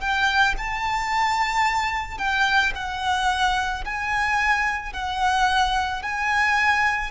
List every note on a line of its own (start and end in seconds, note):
0.00 0.55 G5
0.57 2.18 A5
2.18 2.72 G5
2.75 3.84 F#5
3.84 4.93 G#5
4.93 6.02 F#5
6.02 7.11 G#5